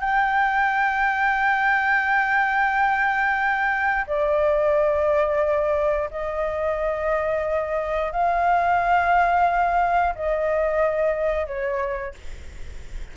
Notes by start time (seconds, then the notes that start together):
0.00 G5
4.07 D5
6.10 D#5
8.12 F5
10.15 D#5
11.46 C#5